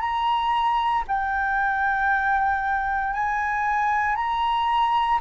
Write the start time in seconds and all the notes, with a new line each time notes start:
0.00 A#5
1.08 G5
3.13 G#5
4.16 A#5